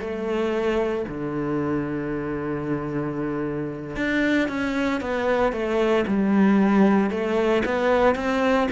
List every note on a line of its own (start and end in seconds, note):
0.00 1.05 A3
1.08 3.96 D3
3.96 4.48 D4
4.48 5.00 C#4
5.00 5.52 B3
5.52 6.05 A3
6.07 7.10 G3
7.10 7.63 A3
7.65 8.15 B3
8.15 8.67 C4